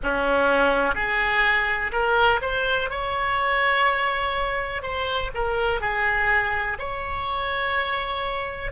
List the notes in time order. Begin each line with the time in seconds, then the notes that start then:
0.03 C#4
0.95 G#4
1.92 A#4
2.41 C5
2.90 C#5
4.82 C5
5.34 A#4
5.81 G#4
6.78 C#5